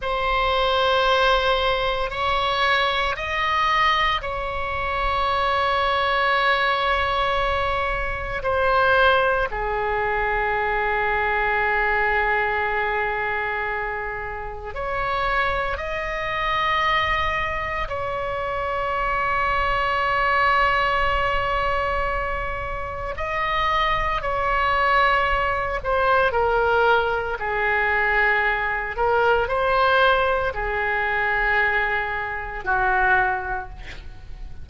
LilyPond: \new Staff \with { instrumentName = "oboe" } { \time 4/4 \tempo 4 = 57 c''2 cis''4 dis''4 | cis''1 | c''4 gis'2.~ | gis'2 cis''4 dis''4~ |
dis''4 cis''2.~ | cis''2 dis''4 cis''4~ | cis''8 c''8 ais'4 gis'4. ais'8 | c''4 gis'2 fis'4 | }